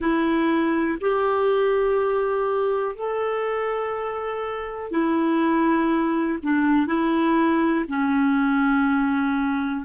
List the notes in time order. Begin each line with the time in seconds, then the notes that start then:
0.00 E4
1.00 G4
2.95 A4
4.91 E4
6.42 D4
6.86 E4
7.88 C#4